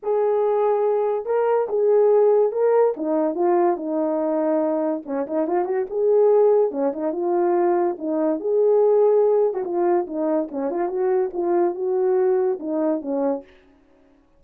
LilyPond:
\new Staff \with { instrumentName = "horn" } { \time 4/4 \tempo 4 = 143 gis'2. ais'4 | gis'2 ais'4 dis'4 | f'4 dis'2. | cis'8 dis'8 f'8 fis'8 gis'2 |
cis'8 dis'8 f'2 dis'4 | gis'2~ gis'8. fis'16 f'4 | dis'4 cis'8 f'8 fis'4 f'4 | fis'2 dis'4 cis'4 | }